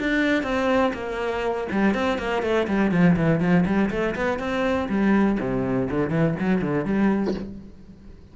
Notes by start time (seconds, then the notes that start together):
0.00 D4
0.43 C4
0.94 A#3
1.72 G3
1.94 C4
2.19 A#3
2.43 A3
2.68 G3
2.92 F3
3.17 E3
3.40 F3
3.66 G3
3.91 A3
4.16 B3
4.39 C4
4.89 G3
5.40 C3
5.91 D3
6.10 E3
6.40 F#3
6.62 D3
6.85 G3